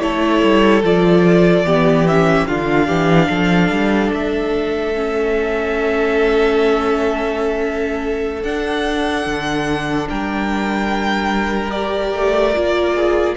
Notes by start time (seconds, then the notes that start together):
0.00 A3 E4 A4 C#5
0.44 G3
0.83 F3 F4 D5
1.63 E3 B3 G4
2.08 C#4 E5
2.47 D3 D4 F4 F5
2.87 E3 G4
3.30 F3 A4
3.70 G3
4.14 A3 E5
4.95 C#4
8.43 D4 F#5
9.26 D3
10.09 G3 A#4 G5
11.71 G4 D5
12.15 A3
12.54 A#3 F4
12.95 G#4